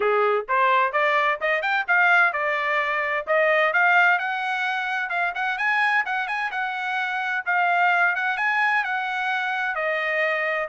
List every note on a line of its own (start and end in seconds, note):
0.00 0.46 G#4
0.48 0.92 C5
0.92 1.38 D5
1.41 1.62 D#5
1.62 1.85 G5
1.87 2.33 F5
2.33 3.26 D5
3.26 3.73 D#5
3.73 4.18 F5
4.18 5.09 F#5
5.09 5.32 F5
5.34 5.58 F#5
5.58 6.04 G#5
6.05 6.27 F#5
6.27 6.50 G#5
6.51 7.44 F#5
7.45 8.15 F5
8.15 8.37 F#5
8.37 8.84 G#5
8.84 9.75 F#5
9.75 10.68 D#5